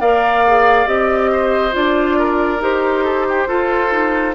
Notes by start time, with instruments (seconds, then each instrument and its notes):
0.00 bassoon A#3, clarinet A#4, oboe D5, flute F5
0.47 clarinet G#4
0.86 bassoon C4, clarinet G4, flute D#5
1.32 oboe C5
1.71 bassoon D4, clarinet F4, flute D5
2.18 oboe A#4
2.60 bassoon D#4, clarinet G4, flute C5
3.04 oboe A4
3.29 oboe G4
3.47 clarinet F4, bassoon F4, oboe A4
3.90 clarinet D#4